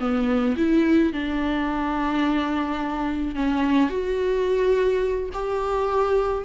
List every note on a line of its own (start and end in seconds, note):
0.00 0.56 B3
0.57 1.13 E4
1.13 3.36 D4
3.36 3.90 C#4
3.90 5.30 F#4
5.34 6.45 G4